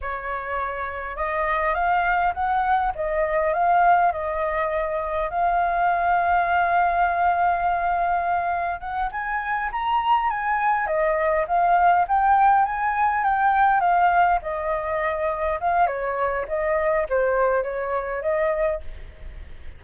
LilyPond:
\new Staff \with { instrumentName = "flute" } { \time 4/4 \tempo 4 = 102 cis''2 dis''4 f''4 | fis''4 dis''4 f''4 dis''4~ | dis''4 f''2.~ | f''2. fis''8 gis''8~ |
gis''8 ais''4 gis''4 dis''4 f''8~ | f''8 g''4 gis''4 g''4 f''8~ | f''8 dis''2 f''8 cis''4 | dis''4 c''4 cis''4 dis''4 | }